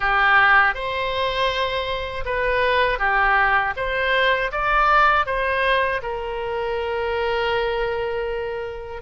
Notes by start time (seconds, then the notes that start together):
0.00 G4
0.74 C5
2.25 B4
2.98 G4
3.76 C5
4.51 D5
5.26 C5
6.02 A#4